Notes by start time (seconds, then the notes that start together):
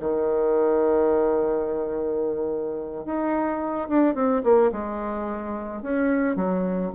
0.00 D#3
3.06 D#4
3.89 D4
4.15 C4
4.44 A#3
4.72 G#3
5.82 C#4
6.36 F#3